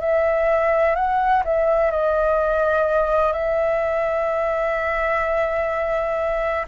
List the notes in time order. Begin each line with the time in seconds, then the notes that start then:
0.00 E5
0.95 F#5
1.44 E5
1.91 D#5
3.32 E5